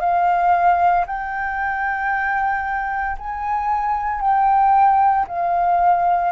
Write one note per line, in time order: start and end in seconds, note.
0.00 1.05 F5
1.07 3.17 G5
3.19 4.21 G#5
4.21 5.26 G5
5.28 6.32 F5